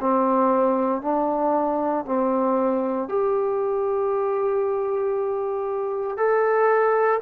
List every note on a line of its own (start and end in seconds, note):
0.00 1.02 C4
1.02 2.05 D4
2.05 3.08 C4
3.08 6.17 G4
6.17 7.20 A4